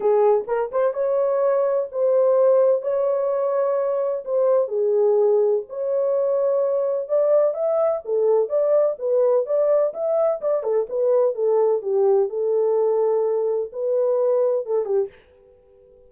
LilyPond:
\new Staff \with { instrumentName = "horn" } { \time 4/4 \tempo 4 = 127 gis'4 ais'8 c''8 cis''2 | c''2 cis''2~ | cis''4 c''4 gis'2 | cis''2. d''4 |
e''4 a'4 d''4 b'4 | d''4 e''4 d''8 a'8 b'4 | a'4 g'4 a'2~ | a'4 b'2 a'8 g'8 | }